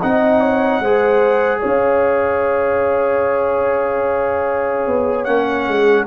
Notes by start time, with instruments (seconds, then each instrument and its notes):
0.00 tuba C4, trombone D#4, horn D#5, trumpet F#5
0.41 horn C#5
0.80 tuba G#3, trombone G#4, horn C5
1.60 tuba C#4, horn C#5, trumpet F5
4.87 tuba B3
5.24 tuba A#3, trombone C#4, trumpet F#5
5.68 tuba G#3, horn G#4